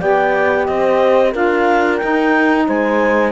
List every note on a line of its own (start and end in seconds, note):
0.00 0.68 B3
0.00 1.33 G4
0.00 0.67 D5
0.00 0.66 G5
0.66 1.35 C4
0.66 1.32 C5
0.66 1.33 D#5
1.32 2.02 D4
1.32 2.00 F4
1.32 2.66 A#4
1.32 1.97 F5
1.97 3.32 D#4
1.97 2.64 G5
2.03 2.69 D#4
2.67 3.32 G#3
2.67 3.32 C5
2.67 3.32 G#5